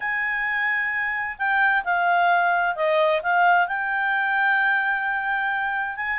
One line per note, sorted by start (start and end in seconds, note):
0.00 1.37 G#5
1.38 1.84 G5
1.84 2.75 F5
2.75 3.21 D#5
3.22 3.67 F5
3.67 5.96 G5
5.96 6.19 G#5